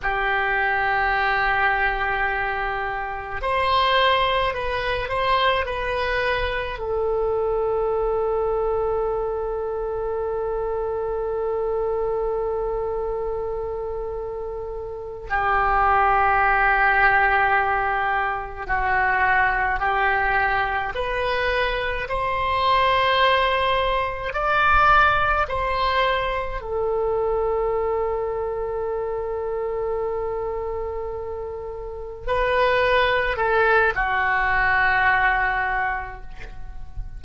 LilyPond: \new Staff \with { instrumentName = "oboe" } { \time 4/4 \tempo 4 = 53 g'2. c''4 | b'8 c''8 b'4 a'2~ | a'1~ | a'4. g'2~ g'8~ |
g'8 fis'4 g'4 b'4 c''8~ | c''4. d''4 c''4 a'8~ | a'1~ | a'8 b'4 a'8 fis'2 | }